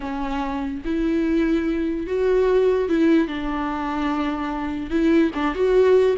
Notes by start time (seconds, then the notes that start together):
0.00 C#4
0.85 E4
2.07 F#4
2.88 E4
3.27 D4
4.90 E4
5.34 D4
5.55 F#4